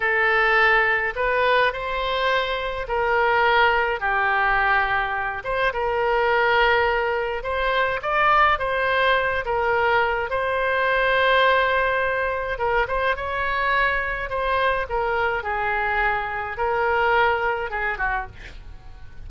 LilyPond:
\new Staff \with { instrumentName = "oboe" } { \time 4/4 \tempo 4 = 105 a'2 b'4 c''4~ | c''4 ais'2 g'4~ | g'4. c''8 ais'2~ | ais'4 c''4 d''4 c''4~ |
c''8 ais'4. c''2~ | c''2 ais'8 c''8 cis''4~ | cis''4 c''4 ais'4 gis'4~ | gis'4 ais'2 gis'8 fis'8 | }